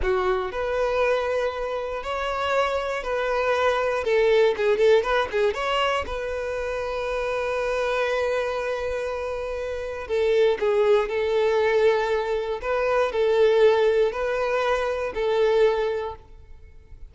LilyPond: \new Staff \with { instrumentName = "violin" } { \time 4/4 \tempo 4 = 119 fis'4 b'2. | cis''2 b'2 | a'4 gis'8 a'8 b'8 gis'8 cis''4 | b'1~ |
b'1 | a'4 gis'4 a'2~ | a'4 b'4 a'2 | b'2 a'2 | }